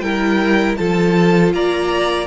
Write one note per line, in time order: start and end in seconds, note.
0.00 0.76 G3
0.00 0.78 E4
0.00 0.78 A#4
0.00 0.75 G5
0.77 1.54 F3
0.77 2.27 F4
0.77 1.54 A4
0.77 1.52 A5
1.54 2.27 A#3
1.54 2.27 D5
1.54 2.27 A#5